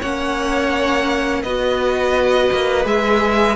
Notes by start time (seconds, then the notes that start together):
0.00 A#3 C#4 C#5 F#5
1.43 B3 F#4 B4 D#5
2.53 A#3
2.85 G#3 G#4 E5